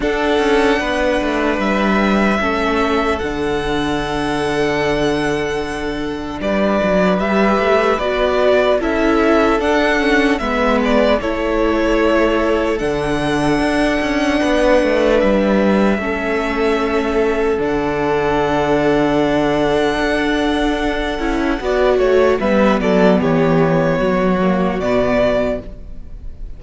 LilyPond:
<<
  \new Staff \with { instrumentName = "violin" } { \time 4/4 \tempo 4 = 75 fis''2 e''2 | fis''1 | d''4 e''4 d''4 e''4 | fis''4 e''8 d''8 cis''2 |
fis''2. e''4~ | e''2 fis''2~ | fis''1 | e''8 d''8 cis''2 d''4 | }
  \new Staff \with { instrumentName = "violin" } { \time 4/4 a'4 b'2 a'4~ | a'1 | b'2. a'4~ | a'4 b'4 a'2~ |
a'2 b'2 | a'1~ | a'2. d''8 cis''8 | b'8 a'8 g'4 fis'2 | }
  \new Staff \with { instrumentName = "viola" } { \time 4/4 d'2. cis'4 | d'1~ | d'4 g'4 fis'4 e'4 | d'8 cis'8 b4 e'2 |
d'1 | cis'2 d'2~ | d'2~ d'8 e'8 fis'4 | b2~ b8 ais8 b4 | }
  \new Staff \with { instrumentName = "cello" } { \time 4/4 d'8 cis'8 b8 a8 g4 a4 | d1 | g8 fis8 g8 a8 b4 cis'4 | d'4 gis4 a2 |
d4 d'8 cis'8 b8 a8 g4 | a2 d2~ | d4 d'4. cis'8 b8 a8 | g8 fis8 e4 fis4 b,4 | }
>>